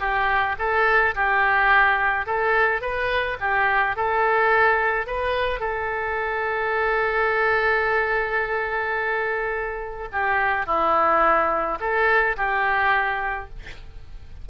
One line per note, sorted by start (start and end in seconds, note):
0.00 0.56 G4
0.59 1.15 A4
1.15 2.27 G4
2.27 2.81 A4
2.81 3.37 B4
3.40 3.96 G4
3.97 5.07 A4
5.07 5.60 B4
5.60 10.09 A4
10.13 10.67 G4
10.67 11.79 E4
11.80 12.36 A4
12.37 13.50 G4